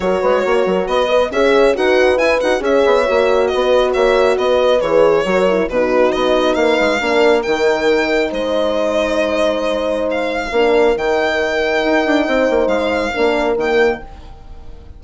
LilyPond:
<<
  \new Staff \with { instrumentName = "violin" } { \time 4/4 \tempo 4 = 137 cis''2 dis''4 e''4 | fis''4 gis''8 fis''8 e''2 | dis''4 e''4 dis''4 cis''4~ | cis''4 b'4 dis''4 f''4~ |
f''4 g''2 dis''4~ | dis''2. f''4~ | f''4 g''2.~ | g''4 f''2 g''4 | }
  \new Staff \with { instrumentName = "horn" } { \time 4/4 ais'8 b'8 cis''8 ais'8 b'8 dis''8 cis''4 | b'2 cis''2 | b'4 cis''4 b'2 | ais'4 fis'2 b'4 |
ais'2. c''4~ | c''1 | ais'1 | c''2 ais'2 | }
  \new Staff \with { instrumentName = "horn" } { \time 4/4 fis'2~ fis'8 b'8 gis'4 | fis'4 e'8 fis'8 gis'4 fis'4~ | fis'2. gis'4 | fis'8 e'8 dis'2. |
d'4 dis'2.~ | dis'1 | d'4 dis'2.~ | dis'2 d'4 ais4 | }
  \new Staff \with { instrumentName = "bassoon" } { \time 4/4 fis8 gis8 ais8 fis8 b4 cis'4 | dis'4 e'8 dis'8 cis'8 b8 ais4 | b4 ais4 b4 e4 | fis4 b,4 b4 ais8 gis8 |
ais4 dis2 gis4~ | gis1 | ais4 dis2 dis'8 d'8 | c'8 ais8 gis4 ais4 dis4 | }
>>